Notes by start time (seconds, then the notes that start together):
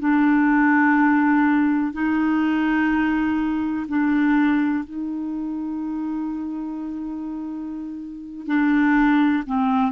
0.00 D4
1.93 D#4
3.88 D4
4.84 D#4
8.47 D4
9.47 C4